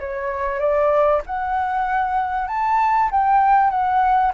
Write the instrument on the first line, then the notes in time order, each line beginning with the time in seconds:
flute
0.00 C#5
0.60 D5
1.27 F#5
2.48 A5
3.11 G5
3.70 F#5